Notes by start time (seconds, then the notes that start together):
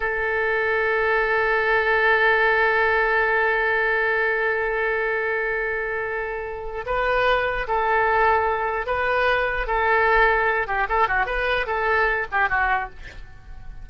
0.00 A4
6.86 B4
7.67 A4
8.86 B4
9.66 A4
10.67 G4
10.89 A4
11.08 F#4
11.26 B4
11.66 A4
12.31 G4
12.49 F#4